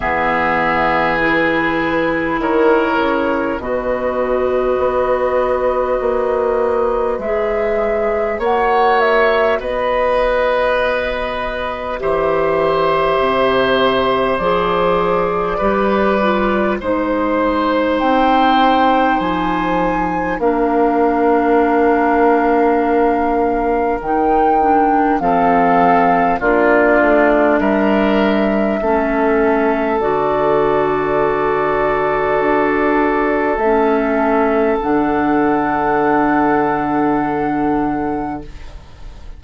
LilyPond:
<<
  \new Staff \with { instrumentName = "flute" } { \time 4/4 \tempo 4 = 50 e''4 b'4 cis''4 dis''4~ | dis''2 e''4 fis''8 e''8 | dis''2 e''2 | d''2 c''4 g''4 |
gis''4 f''2. | g''4 f''4 d''4 e''4~ | e''4 d''2. | e''4 fis''2. | }
  \new Staff \with { instrumentName = "oboe" } { \time 4/4 gis'2 ais'4 b'4~ | b'2. cis''4 | b'2 c''2~ | c''4 b'4 c''2~ |
c''4 ais'2.~ | ais'4 a'4 f'4 ais'4 | a'1~ | a'1 | }
  \new Staff \with { instrumentName = "clarinet" } { \time 4/4 b4 e'2 fis'4~ | fis'2 gis'4 fis'4~ | fis'2 g'2 | gis'4 g'8 f'8 dis'2~ |
dis'4 d'2. | dis'8 d'8 c'4 d'2 | cis'4 fis'2. | cis'4 d'2. | }
  \new Staff \with { instrumentName = "bassoon" } { \time 4/4 e2 dis8 cis8 b,4 | b4 ais4 gis4 ais4 | b2 e4 c4 | f4 g4 gis4 c'4 |
f4 ais2. | dis4 f4 ais8 a8 g4 | a4 d2 d'4 | a4 d2. | }
>>